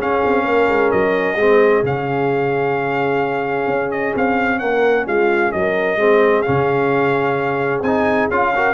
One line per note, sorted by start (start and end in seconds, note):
0.00 0.23 C#4
0.00 1.38 C#4
0.00 0.45 G#4
0.00 0.92 F5
0.25 0.45 C4
0.45 0.68 A#3
0.45 1.37 A#4
0.69 0.92 G#3
0.92 1.36 F#3
0.92 1.84 D#5
1.36 1.82 G#3
1.36 1.84 C4
1.36 4.60 G#4
1.83 3.68 C#3
1.83 5.99 C#4
1.83 3.92 F5
3.68 4.14 C#4
3.92 4.15 D#5
4.15 4.62 C4
4.15 4.59 F5
4.59 5.07 A#3
4.59 5.07 A#4
4.59 5.05 F#5
5.07 5.53 G#3
5.07 5.53 F4
5.07 5.53 F5
5.53 5.96 F#3
5.53 6.00 A#4
5.53 6.42 D#5
5.96 6.43 G#3
5.96 6.46 C4
5.96 8.55 G#4
6.42 7.82 C#3
6.42 7.84 C#4
6.42 7.81 F5
7.82 8.29 C4
7.82 8.32 D#4
7.82 8.29 G#5
8.31 8.75 C#4
8.31 8.55 F4
8.31 8.75 F5
8.56 8.75 F#4
8.56 8.75 A#4